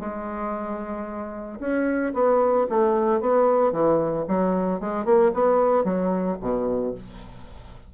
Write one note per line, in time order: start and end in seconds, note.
0.00 1.59 G#3
1.60 2.13 C#4
2.14 2.67 B3
2.70 3.21 A3
3.21 3.72 B3
3.72 4.26 E3
4.28 4.81 F#3
4.81 5.05 G#3
5.05 5.32 A#3
5.34 5.84 B3
5.84 6.37 F#3
6.41 6.94 B2